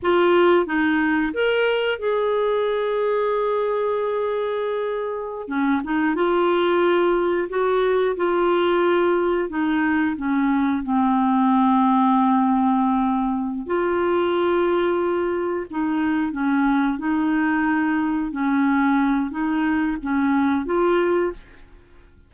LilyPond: \new Staff \with { instrumentName = "clarinet" } { \time 4/4 \tempo 4 = 90 f'4 dis'4 ais'4 gis'4~ | gis'1~ | gis'16 cis'8 dis'8 f'2 fis'8.~ | fis'16 f'2 dis'4 cis'8.~ |
cis'16 c'2.~ c'8.~ | c'8 f'2. dis'8~ | dis'8 cis'4 dis'2 cis'8~ | cis'4 dis'4 cis'4 f'4 | }